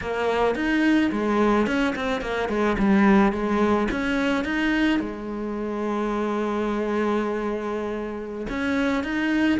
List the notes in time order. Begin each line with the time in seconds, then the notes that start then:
0.01 A#3
0.55 D#4
1.11 G#3
1.66 C#4
1.95 C4
2.21 A#3
2.48 G#3
2.78 G3
3.32 G#3
3.91 C#4
4.44 D#4
4.99 G#3
8.48 C#4
9.03 D#4